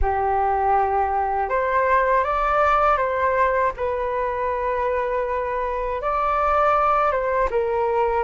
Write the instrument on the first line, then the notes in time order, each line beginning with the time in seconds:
flute
0.01 G4
1.49 C5
2.24 D5
2.97 C5
3.76 B4
6.01 D5
7.11 C5
7.50 A#4